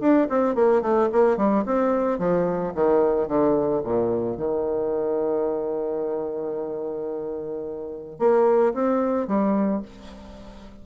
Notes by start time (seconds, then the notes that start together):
0.00 D4
0.30 C4
0.55 A#3
0.82 A3
1.12 A#3
1.37 G3
1.65 C4
2.18 F3
2.74 D#3
3.28 D3
3.84 A#2
4.37 D#3
8.19 A#3
8.74 C4
9.28 G3